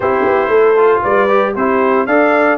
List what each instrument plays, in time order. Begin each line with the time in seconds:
0.00 tuba C4, trombone E4, horn G4, trumpet C5
0.25 tuba B3
0.48 tuba A3, horn A4
0.76 trombone F4
1.02 tuba G3, horn B4, trumpet D5
1.28 trombone G4
1.55 tuba C4, trombone E4, horn G4, trumpet C5
2.06 tuba D4, trombone A4, horn D5, trumpet F5